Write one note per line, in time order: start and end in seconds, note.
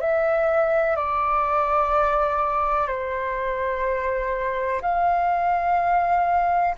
0.00 0.96 E5
0.96 2.87 D5
2.87 4.81 C5
4.81 6.75 F5